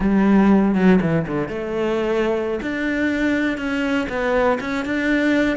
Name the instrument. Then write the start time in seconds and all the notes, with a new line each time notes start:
cello
0.00 G3
0.74 F#3
1.01 E3
1.27 D3
1.48 A3
2.61 D4
3.57 C#4
4.09 B3
4.60 C#4
4.85 D4